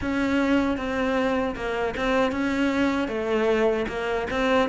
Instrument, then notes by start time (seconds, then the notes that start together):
cello
0.01 C#4
0.77 C4
1.55 A#3
1.96 C4
2.31 C#4
3.08 A3
3.87 A#3
4.30 C4